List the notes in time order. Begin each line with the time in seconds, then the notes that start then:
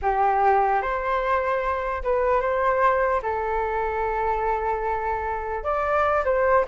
0.02 G4
0.82 C5
2.03 B4
2.40 C5
3.22 A4
5.63 D5
6.25 C5